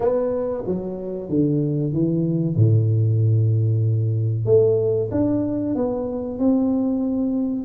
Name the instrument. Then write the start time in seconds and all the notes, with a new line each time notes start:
tuba
0.00 B3
0.66 F#3
1.29 D3
1.93 E3
2.56 A2
4.45 A3
5.11 D4
5.74 B3
6.38 C4